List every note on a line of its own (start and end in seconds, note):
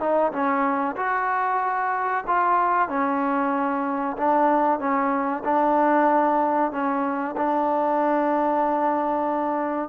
0.00 0.32 D#4
0.32 0.96 C#4
0.96 2.24 F#4
2.27 2.89 F4
2.89 4.17 C#4
4.17 4.79 D4
4.79 5.43 C#4
5.45 6.72 D4
6.72 7.36 C#4
7.37 9.89 D4